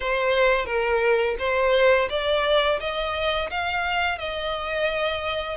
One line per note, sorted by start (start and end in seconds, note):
0.00 0.65 C5
0.65 1.35 A#4
1.39 2.08 C5
2.09 2.79 D5
2.80 3.49 D#5
3.50 4.18 F5
4.18 5.57 D#5